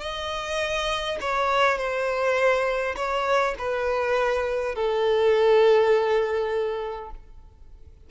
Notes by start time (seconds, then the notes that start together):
0.00 D#5
1.21 C#5
1.78 C5
2.96 C#5
3.58 B4
4.75 A4